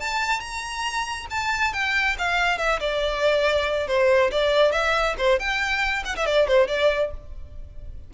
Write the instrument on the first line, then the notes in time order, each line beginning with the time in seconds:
violin
0.00 A5
0.40 A#5
1.31 A5
1.73 G5
2.19 F5
2.58 E5
2.80 D5
3.88 C5
4.31 D5
4.72 E5
5.18 C5
5.39 G5
6.05 F#5
6.16 E5
6.26 D5
6.48 C5
6.68 D5